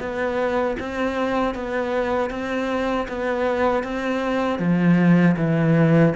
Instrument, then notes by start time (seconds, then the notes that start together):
cello
0.00 B3
0.80 C4
1.55 B3
2.30 C4
3.08 B3
3.83 C4
4.59 F3
5.37 E3